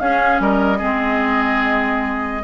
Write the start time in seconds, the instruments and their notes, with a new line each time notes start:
0.00 clarinet C#4, bassoon C#4, oboe G#4, flute F5
0.40 bassoon G3, oboe A#4, flute D#5
0.78 bassoon G#3, clarinet C4, oboe G#4